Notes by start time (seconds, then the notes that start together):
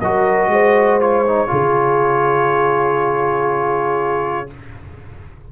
0.00 F#3 F#4 A#4 D#5
0.47 G#3 C5
1.01 F4 C#5
1.26 D#4
1.48 C#3 F4 G#4